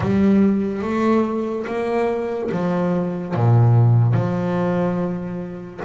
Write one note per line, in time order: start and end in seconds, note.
0.00 0.81 G3
0.82 1.65 A3
1.66 2.50 A#3
2.51 3.34 F3
3.34 4.13 A#2
4.13 5.80 F3